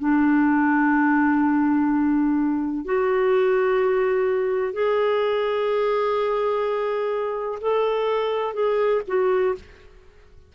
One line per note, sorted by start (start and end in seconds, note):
0.00 2.85 D4
2.85 4.73 F#4
4.73 7.59 G#4
7.61 8.55 A4
8.55 9.02 G#4
9.08 9.56 F#4